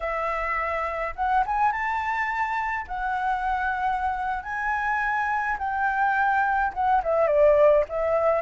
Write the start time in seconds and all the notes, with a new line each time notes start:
0.00 E5
1.15 F#5
1.46 G#5
1.72 A5
2.87 F#5
4.43 G#5
5.58 G5
6.73 F#5
7.03 E5
7.27 D5
7.89 E5